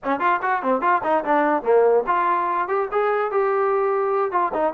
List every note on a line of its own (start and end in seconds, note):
0.03 0.19 C#4
0.19 0.40 F4
0.42 0.62 F#4
0.62 0.81 C4
0.81 1.01 F4
1.03 1.24 D#4
1.24 1.62 D4
1.62 2.03 A#3
2.07 2.67 F4
2.67 2.88 G4
2.91 3.31 G#4
3.31 4.31 G4
4.31 4.52 F4
4.53 4.73 D#4